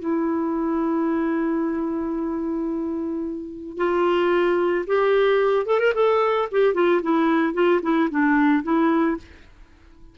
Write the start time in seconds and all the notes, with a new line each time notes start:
0.00 E4
3.78 F4
4.87 G4
5.66 A4
5.80 A#4
5.95 A4
6.52 G4
6.74 F4
7.03 E4
7.54 F4
7.83 E4
8.11 D4
8.64 E4